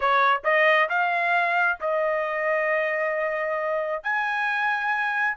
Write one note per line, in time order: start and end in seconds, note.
0.00 0.41 C#5
0.44 0.88 D#5
0.89 1.78 F5
1.80 4.03 D#5
4.03 5.37 G#5